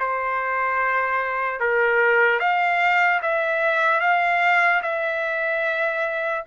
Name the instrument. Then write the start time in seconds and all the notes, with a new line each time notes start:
trumpet
0.00 C5
1.60 A#4
2.40 F5
3.22 E5
4.01 F5
4.83 E5